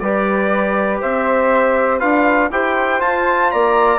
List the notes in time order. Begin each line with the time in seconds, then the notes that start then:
0.00 G3 G4 B4 D5
1.01 C4 C5 E5
1.99 D4 F4 B4 F5
2.51 E4 G4 C5 G5
2.99 F4 A5
3.51 A#3 D5 A#5